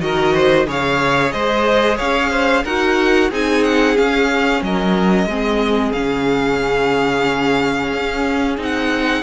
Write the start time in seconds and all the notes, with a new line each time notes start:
0.00 D#3 F#4 A#4 D#5
0.33 C5
0.67 C#3 G#4 C#5 F5
1.32 G#3 C5 D#5
1.97 C#4 C#5 F5
2.30 C5
2.64 D#4 F#4 A#4 F#5
3.30 C4 D#4 G#4 G#5
3.64 F#5
3.96 C#4 F5
4.62 F#3 A#4 D#5
5.26 G#3 C4 G#4
5.92 C#3 C#4 F5
7.93 C#4
8.58 C4 D#4 F#5